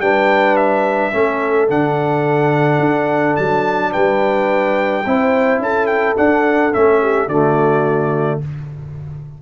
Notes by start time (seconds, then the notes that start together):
0.00 G3 D4 B4 G5
0.57 E5
1.12 A3 C#4 A4
1.69 D3 D4 F#5
2.80 D4
3.37 F#3 A5
3.92 G3 B4 G5
5.06 C4 E4 C5
5.59 C#4 A4 A5
5.87 G5
6.17 D4 F#5
6.73 A3 C#4 E5
7.02 G4
7.28 D3 A3 F#4 D5